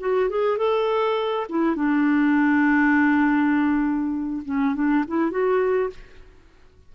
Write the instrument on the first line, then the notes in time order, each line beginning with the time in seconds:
clarinet
0.00 F#4
0.30 G#4
0.58 A4
1.50 E4
1.76 D4
4.46 C#4
4.75 D4
5.08 E4
5.31 F#4